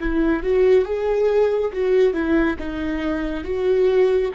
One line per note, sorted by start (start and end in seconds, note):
0.00 0.43 E4
0.43 0.85 F#4
0.85 1.72 G#4
1.73 2.14 F#4
2.14 2.57 E4
2.59 3.45 D#4
3.45 4.32 F#4